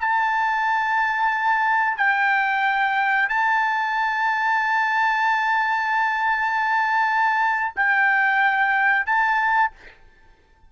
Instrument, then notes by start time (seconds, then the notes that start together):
trumpet
0.00 A5
1.97 G5
3.29 A5
7.76 G5
9.06 A5